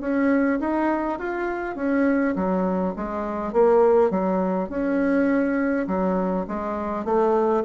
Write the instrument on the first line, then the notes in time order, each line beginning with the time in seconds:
bassoon
0.00 C#4
0.60 D#4
1.19 F4
1.76 C#4
2.35 F#3
2.96 G#3
3.53 A#3
4.11 F#3
4.69 C#4
5.87 F#3
6.48 G#3
7.05 A3